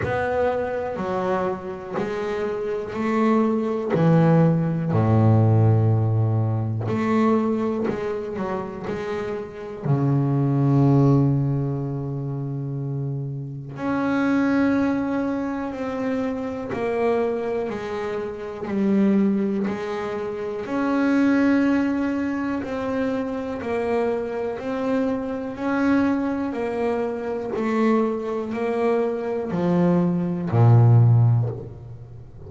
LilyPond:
\new Staff \with { instrumentName = "double bass" } { \time 4/4 \tempo 4 = 61 b4 fis4 gis4 a4 | e4 a,2 a4 | gis8 fis8 gis4 cis2~ | cis2 cis'2 |
c'4 ais4 gis4 g4 | gis4 cis'2 c'4 | ais4 c'4 cis'4 ais4 | a4 ais4 f4 ais,4 | }